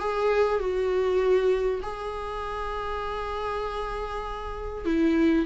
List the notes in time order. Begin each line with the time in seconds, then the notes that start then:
0.00 G#4
0.60 F#4
1.83 G#4
4.86 E4